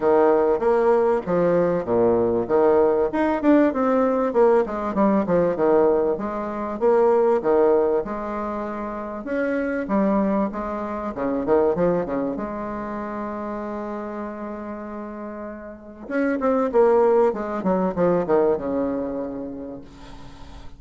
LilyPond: \new Staff \with { instrumentName = "bassoon" } { \time 4/4 \tempo 4 = 97 dis4 ais4 f4 ais,4 | dis4 dis'8 d'8 c'4 ais8 gis8 | g8 f8 dis4 gis4 ais4 | dis4 gis2 cis'4 |
g4 gis4 cis8 dis8 f8 cis8 | gis1~ | gis2 cis'8 c'8 ais4 | gis8 fis8 f8 dis8 cis2 | }